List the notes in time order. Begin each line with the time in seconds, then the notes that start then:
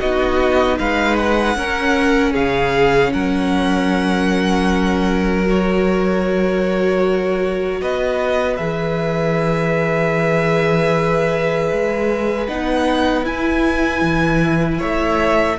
0.00 B3 D#4 F#4 D#5
0.79 G#3 B4 F5
1.17 F#5
1.56 C#4 A#4
2.33 C#3 G#4 F5
3.13 F#3 A#4 F#5
5.47 F#4 C#5
7.81 B3 B4 D#5
8.57 E3 G#4 E5
11.73 G#3
12.48 B3 D#4 F#5
13.25 E4 G#5
14.02 E3
14.79 A3 C#5 E5